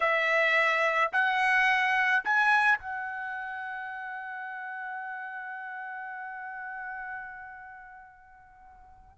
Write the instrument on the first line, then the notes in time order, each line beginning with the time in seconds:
trumpet
0.00 E5
1.12 F#5
2.24 G#5
2.78 F#5